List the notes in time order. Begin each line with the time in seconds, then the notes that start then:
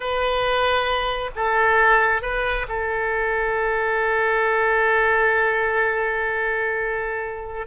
0.00 B4
1.35 A4
2.21 B4
2.68 A4